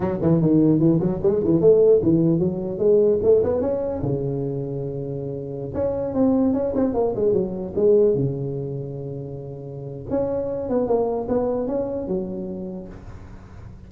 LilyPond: \new Staff \with { instrumentName = "tuba" } { \time 4/4 \tempo 4 = 149 fis8 e8 dis4 e8 fis8 gis8 e8 | a4 e4 fis4 gis4 | a8 b8 cis'4 cis2~ | cis2~ cis16 cis'4 c'8.~ |
c'16 cis'8 c'8 ais8 gis8 fis4 gis8.~ | gis16 cis2.~ cis8.~ | cis4 cis'4. b8 ais4 | b4 cis'4 fis2 | }